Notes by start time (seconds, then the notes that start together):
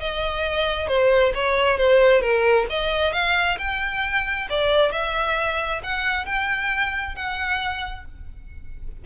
0.00 D#5
0.87 C5
1.34 C#5
1.77 C5
2.21 A#4
2.69 D#5
3.12 F5
3.58 G5
4.49 D5
4.91 E5
5.83 F#5
6.25 G5
7.15 F#5